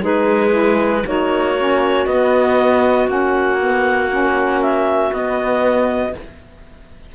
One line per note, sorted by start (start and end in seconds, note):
0.00 1.03 G#3
0.00 0.50 D#4
0.00 1.04 G#4
0.00 1.06 B4
0.50 1.00 E4
1.05 2.06 A#3
1.05 1.56 D#4
1.05 6.15 F#4
1.05 2.06 C#5
1.56 2.06 C#4
2.06 3.07 B3
2.06 3.06 B3
2.06 3.07 D#5
3.06 5.11 A#3
3.06 3.57 C#4
3.06 4.62 F#5
3.59 4.09 B3
4.09 5.10 C#4
4.62 5.12 E5
5.10 6.12 B3
5.10 6.14 B3
5.10 6.14 D#5